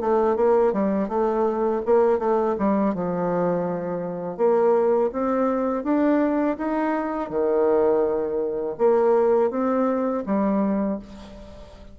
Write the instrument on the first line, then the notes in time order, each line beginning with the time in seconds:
bassoon
0.00 A3
0.36 A#3
0.73 G3
1.08 A3
1.85 A#3
2.19 A3
2.58 G3
2.94 F3
4.37 A#3
5.12 C4
5.83 D4
6.57 D#4
7.29 D#3
8.78 A#3
9.50 C4
10.26 G3